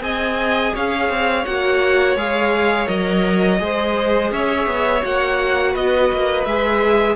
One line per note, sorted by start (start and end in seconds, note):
0.00 0.72 C4
0.00 1.43 G#4
0.00 0.74 D#5
0.00 0.74 G#5
0.74 1.09 C#4
0.74 3.60 C#5
0.74 1.45 F5
1.09 1.45 C4
1.45 2.15 A#3
1.45 2.17 F#4
1.45 2.16 F#5
2.15 2.87 G#3
2.15 2.86 G#4
2.15 2.87 F5
2.86 3.60 F#3
2.86 3.58 A#4
2.86 4.30 D#5
3.58 4.31 G#3
3.58 5.01 G#4
3.58 4.32 C5
4.31 4.66 C#4
4.31 5.72 C#5
4.31 5.04 E5
4.66 5.02 B3
5.01 5.75 A#3
5.01 6.44 F#4
5.01 5.75 F#5
5.72 6.11 B3
5.72 7.15 B4
5.72 6.45 D#5
6.12 6.45 A#3
6.45 7.16 G#3
6.45 7.16 G#4
6.45 7.16 E5